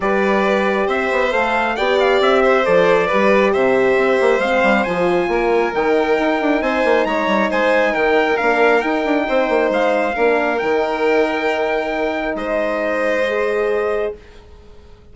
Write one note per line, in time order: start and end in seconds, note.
0.00 0.87 G3
0.00 1.31 G4
0.00 0.86 B4
0.00 0.89 D5
0.86 1.09 C4
0.86 1.75 C5
0.86 1.32 E5
1.11 1.33 B3
1.31 1.78 A3
1.31 1.75 A4
1.31 1.76 F5
1.76 2.20 B3
1.76 2.64 G4
1.76 2.42 D5
1.76 1.98 G5
1.99 2.21 F5
2.20 2.64 C4
2.20 2.65 E5
2.43 3.06 C5
2.64 3.11 F3
2.64 3.08 A4
2.64 3.53 D5
3.06 3.55 G3
3.06 4.42 G4
3.06 3.51 B4
3.52 3.97 C3
3.52 5.29 C5
3.52 4.40 E5
3.97 4.19 C4
4.20 4.39 A#3
4.39 4.61 G#3
4.39 4.85 C4
4.39 4.84 F5
4.63 4.85 G3
4.84 5.27 F3
4.84 5.72 F4
4.84 5.72 G#5
5.27 5.72 A#3
5.27 6.62 A#4
5.72 6.18 D#3
5.72 8.37 D#4
5.72 6.62 G5
6.19 6.41 D#4
6.41 6.61 D4
6.61 6.83 C4
6.61 7.06 C5
6.61 7.04 G#5
6.84 7.05 A#3
7.04 7.26 G#3
7.04 7.50 C#5
7.04 7.48 A#5
7.26 7.48 G3
7.50 7.94 G#3
7.50 7.91 C5
7.50 7.94 G#5
7.91 8.39 D#3
7.91 9.24 A#4
7.91 8.37 G5
8.37 8.84 A#3
8.37 8.80 D4
8.37 8.81 F5
8.80 10.13 D#4
8.80 9.05 D#4
8.80 9.69 G5
9.05 9.27 D4
9.28 9.49 C4
9.28 10.14 C5
9.49 9.70 A#3
9.70 10.14 G#3
9.70 10.58 F5
10.14 10.61 A#3
10.14 10.59 D4
10.14 12.35 A#4
10.58 12.34 D#3
10.58 13.25 D#4
10.58 12.34 G5
12.34 14.11 G#3
12.34 14.13 C5
12.34 14.12 D#5
13.27 14.15 G#4